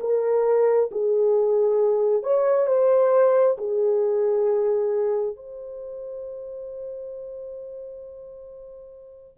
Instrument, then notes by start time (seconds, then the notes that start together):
horn
0.00 A#4
0.91 G#4
2.23 C#5
2.67 C5
3.57 G#4
5.36 C5